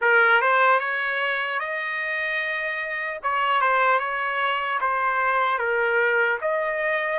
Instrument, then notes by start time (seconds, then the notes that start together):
trumpet
0.01 A#4
0.41 C5
0.79 C#5
1.59 D#5
3.22 C#5
3.61 C5
3.99 C#5
4.80 C5
5.58 A#4
6.41 D#5